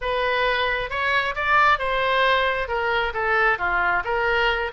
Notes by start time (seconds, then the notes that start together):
0.01 B4
0.90 C#5
1.35 D5
1.78 C5
2.68 A#4
3.13 A4
3.58 F4
4.04 A#4